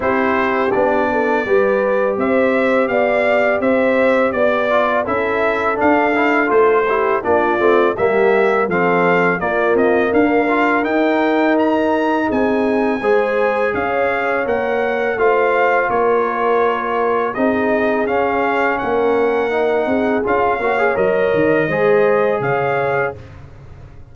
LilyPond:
<<
  \new Staff \with { instrumentName = "trumpet" } { \time 4/4 \tempo 4 = 83 c''4 d''2 e''4 | f''4 e''4 d''4 e''4 | f''4 c''4 d''4 e''4 | f''4 d''8 dis''8 f''4 g''4 |
ais''4 gis''2 f''4 | fis''4 f''4 cis''2 | dis''4 f''4 fis''2 | f''4 dis''2 f''4 | }
  \new Staff \with { instrumentName = "horn" } { \time 4/4 g'4. a'8 b'4 c''4 | d''4 c''4 d''4 a'4~ | a'4. g'8 f'4 g'4 | a'4 f'4 ais'2~ |
ais'4 gis'4 c''4 cis''4~ | cis''4 c''4 ais'2 | gis'2 ais'4. gis'8~ | gis'8 cis''4. c''4 cis''4 | }
  \new Staff \with { instrumentName = "trombone" } { \time 4/4 e'4 d'4 g'2~ | g'2~ g'8 f'8 e'4 | d'8 e'8 f'8 e'8 d'8 c'8 ais4 | c'4 ais4. f'8 dis'4~ |
dis'2 gis'2 | ais'4 f'2. | dis'4 cis'2 dis'4 | f'8 fis'16 gis'16 ais'4 gis'2 | }
  \new Staff \with { instrumentName = "tuba" } { \time 4/4 c'4 b4 g4 c'4 | b4 c'4 b4 cis'4 | d'4 a4 ais8 a8 g4 | f4 ais8 c'8 d'4 dis'4~ |
dis'4 c'4 gis4 cis'4 | ais4 a4 ais2 | c'4 cis'4 ais4. c'8 | cis'8 ais8 fis8 dis8 gis4 cis4 | }
>>